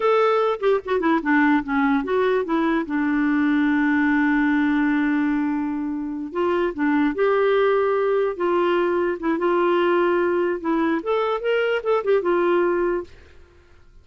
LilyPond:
\new Staff \with { instrumentName = "clarinet" } { \time 4/4 \tempo 4 = 147 a'4. g'8 fis'8 e'8 d'4 | cis'4 fis'4 e'4 d'4~ | d'1~ | d'2.~ d'8 f'8~ |
f'8 d'4 g'2~ g'8~ | g'8 f'2 e'8 f'4~ | f'2 e'4 a'4 | ais'4 a'8 g'8 f'2 | }